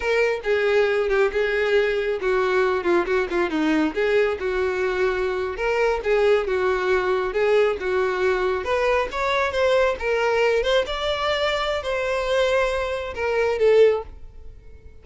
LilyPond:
\new Staff \with { instrumentName = "violin" } { \time 4/4 \tempo 4 = 137 ais'4 gis'4. g'8 gis'4~ | gis'4 fis'4. f'8 fis'8 f'8 | dis'4 gis'4 fis'2~ | fis'8. ais'4 gis'4 fis'4~ fis'16~ |
fis'8. gis'4 fis'2 b'16~ | b'8. cis''4 c''4 ais'4~ ais'16~ | ais'16 c''8 d''2~ d''16 c''4~ | c''2 ais'4 a'4 | }